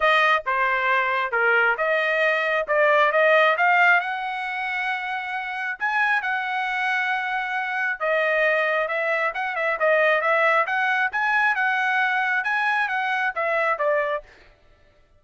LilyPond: \new Staff \with { instrumentName = "trumpet" } { \time 4/4 \tempo 4 = 135 dis''4 c''2 ais'4 | dis''2 d''4 dis''4 | f''4 fis''2.~ | fis''4 gis''4 fis''2~ |
fis''2 dis''2 | e''4 fis''8 e''8 dis''4 e''4 | fis''4 gis''4 fis''2 | gis''4 fis''4 e''4 d''4 | }